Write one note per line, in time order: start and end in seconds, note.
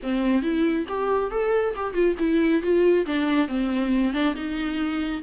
0.02 0.42 C4
0.42 0.85 E4
0.88 1.30 G4
1.30 1.74 A4
1.75 1.93 G4
1.93 2.15 F4
2.18 2.62 E4
2.62 3.05 F4
3.06 3.48 D4
3.48 4.13 C4
4.13 4.35 D4
4.35 5.22 D#4